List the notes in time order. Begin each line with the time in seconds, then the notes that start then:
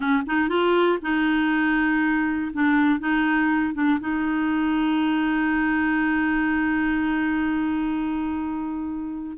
0.00 C#4
0.26 D#4
0.48 F4
1.02 D#4
2.53 D4
2.99 D#4
3.74 D4
4.00 D#4